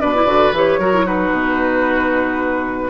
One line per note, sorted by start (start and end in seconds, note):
0.00 0.25 B2
0.00 0.14 D4
0.00 0.79 B4
0.00 0.53 D5
0.14 0.26 E4
0.25 0.52 D3
0.25 0.53 F#4
0.52 0.78 E3
0.52 0.81 G4
0.52 1.07 C#5
0.78 1.31 F#3
0.78 0.94 F#4
0.78 1.06 A#4
0.94 1.05 E4
1.05 2.90 D#4
1.05 2.90 F#4
1.05 2.90 B4
1.31 2.90 B2